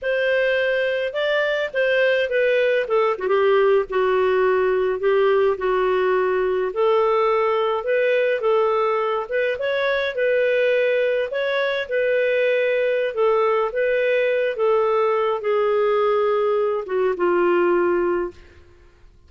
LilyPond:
\new Staff \with { instrumentName = "clarinet" } { \time 4/4 \tempo 4 = 105 c''2 d''4 c''4 | b'4 a'8 fis'16 g'4 fis'4~ fis'16~ | fis'8. g'4 fis'2 a'16~ | a'4.~ a'16 b'4 a'4~ a'16~ |
a'16 b'8 cis''4 b'2 cis''16~ | cis''8. b'2~ b'16 a'4 | b'4. a'4. gis'4~ | gis'4. fis'8 f'2 | }